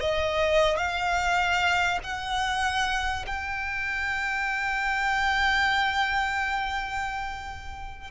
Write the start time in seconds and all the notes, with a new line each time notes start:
0.00 D#5
0.77 F5
2.03 F#5
3.26 G5